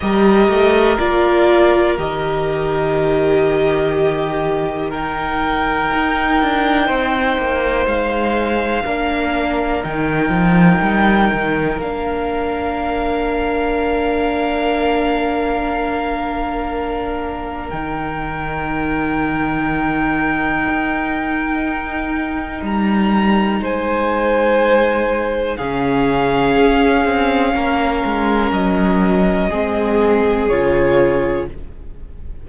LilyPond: <<
  \new Staff \with { instrumentName = "violin" } { \time 4/4 \tempo 4 = 61 dis''4 d''4 dis''2~ | dis''4 g''2. | f''2 g''2 | f''1~ |
f''2 g''2~ | g''2. ais''4 | gis''2 f''2~ | f''4 dis''2 cis''4 | }
  \new Staff \with { instrumentName = "violin" } { \time 4/4 ais'1 | g'4 ais'2 c''4~ | c''4 ais'2.~ | ais'1~ |
ais'1~ | ais'1 | c''2 gis'2 | ais'2 gis'2 | }
  \new Staff \with { instrumentName = "viola" } { \time 4/4 g'4 f'4 g'2~ | g'4 dis'2.~ | dis'4 d'4 dis'2 | d'1~ |
d'2 dis'2~ | dis'1~ | dis'2 cis'2~ | cis'2 c'4 f'4 | }
  \new Staff \with { instrumentName = "cello" } { \time 4/4 g8 a8 ais4 dis2~ | dis2 dis'8 d'8 c'8 ais8 | gis4 ais4 dis8 f8 g8 dis8 | ais1~ |
ais2 dis2~ | dis4 dis'2 g4 | gis2 cis4 cis'8 c'8 | ais8 gis8 fis4 gis4 cis4 | }
>>